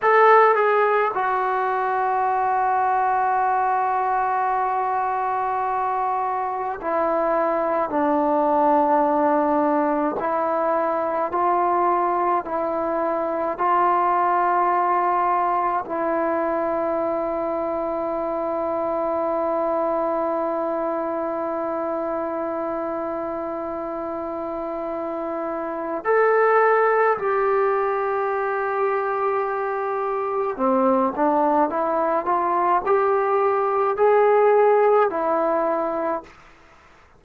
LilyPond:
\new Staff \with { instrumentName = "trombone" } { \time 4/4 \tempo 4 = 53 a'8 gis'8 fis'2.~ | fis'2 e'4 d'4~ | d'4 e'4 f'4 e'4 | f'2 e'2~ |
e'1~ | e'2. a'4 | g'2. c'8 d'8 | e'8 f'8 g'4 gis'4 e'4 | }